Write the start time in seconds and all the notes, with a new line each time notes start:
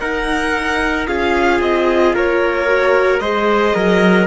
0.00 D#4 A#4 F#5
1.07 C#4 F4 G#4 F5
1.60 C4 D#5
2.15 A#3 A#4 C#5
2.67 F#4
3.20 G#3 G#4 C5 D#5
3.75 F#3 A#4